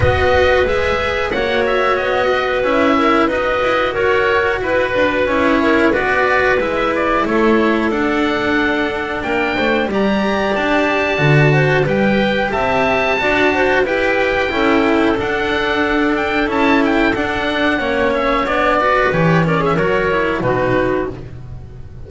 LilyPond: <<
  \new Staff \with { instrumentName = "oboe" } { \time 4/4 \tempo 4 = 91 dis''4 e''4 fis''8 e''8 dis''4 | e''4 dis''4 cis''4 b'4 | cis''4 d''4 e''8 d''8 cis''4 | fis''2 g''4 ais''4 |
a''2 g''4 a''4~ | a''4 g''2 fis''4~ | fis''8 g''8 a''8 g''8 fis''4. e''8 | d''4 cis''8 d''16 e''16 cis''4 b'4 | }
  \new Staff \with { instrumentName = "clarinet" } { \time 4/4 b'2 cis''4. b'8~ | b'8 ais'8 b'4 ais'4 b'4~ | b'8 ais'8 b'2 a'4~ | a'2 ais'8 c''8 d''4~ |
d''4. c''8 b'4 e''4 | d''8 c''8 b'4 a'2~ | a'2. cis''4~ | cis''8 b'4 ais'16 gis'16 ais'4 fis'4 | }
  \new Staff \with { instrumentName = "cello" } { \time 4/4 fis'4 gis'4 fis'2 | e'4 fis'2. | e'4 fis'4 e'2 | d'2. g'4~ |
g'4 fis'4 g'2 | fis'4 g'4 e'4 d'4~ | d'4 e'4 d'4 cis'4 | d'8 fis'8 g'8 cis'8 fis'8 e'8 dis'4 | }
  \new Staff \with { instrumentName = "double bass" } { \time 4/4 b4 gis4 ais4 b4 | cis'4 dis'8 e'8 fis'4 e'8 d'8 | cis'4 b4 gis4 a4 | d'2 ais8 a8 g4 |
d'4 d4 g4 c'4 | d'4 e'4 cis'4 d'4~ | d'4 cis'4 d'4 ais4 | b4 e4 fis4 b,4 | }
>>